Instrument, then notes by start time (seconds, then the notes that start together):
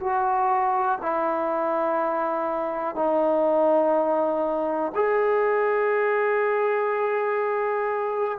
trombone
0.00 F#4
1.02 E4
2.96 D#4
4.95 G#4